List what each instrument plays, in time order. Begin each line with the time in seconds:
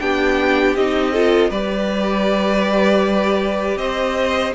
0.00 cello B3, viola D4, violin G4 G5
0.76 cello C4, viola D#4, violin D#5
1.13 viola F4, violin A4
1.50 cello G3, viola G4, violin B4 D5
3.77 cello C4, violin C5 D#5